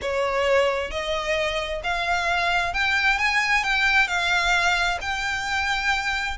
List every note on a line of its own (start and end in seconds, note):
0.01 0.90 C#5
0.90 1.81 D#5
1.83 2.73 F5
2.73 3.18 G5
3.18 3.63 G#5
3.63 4.07 G5
4.07 4.98 F5
5.01 6.37 G5